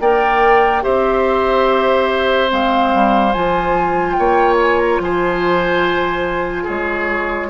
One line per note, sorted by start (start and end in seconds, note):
0.00 0.84 A#3
0.00 0.82 A#4
0.00 0.83 D5
0.00 0.84 G5
0.82 2.51 C4
0.82 2.48 G4
0.82 4.16 C5
0.82 2.50 E5
2.48 2.93 G#3
2.48 3.31 C4
2.48 3.32 F5
2.94 3.35 G3
3.32 4.18 F3
3.32 7.49 F4
3.32 4.12 G#5
4.12 4.99 A#3
4.12 5.02 C#5
4.12 4.54 G5
4.60 4.79 G#5
4.79 4.99 A#5
4.99 6.66 F3
4.99 6.63 C5
4.99 6.68 G#5
6.63 7.49 G#3
6.63 7.47 G#4
6.63 7.49 C#5